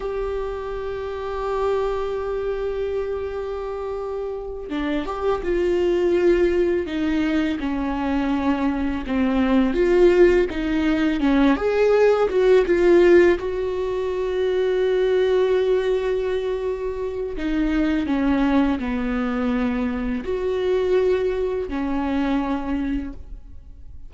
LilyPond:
\new Staff \with { instrumentName = "viola" } { \time 4/4 \tempo 4 = 83 g'1~ | g'2~ g'8 d'8 g'8 f'8~ | f'4. dis'4 cis'4.~ | cis'8 c'4 f'4 dis'4 cis'8 |
gis'4 fis'8 f'4 fis'4.~ | fis'1 | dis'4 cis'4 b2 | fis'2 cis'2 | }